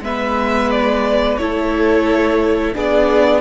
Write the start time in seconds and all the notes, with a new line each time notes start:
0.00 G#3 B3 B4 E5
0.70 D5
1.37 A3 E4 A4 C#5
2.74 B3 D4 G#4 D5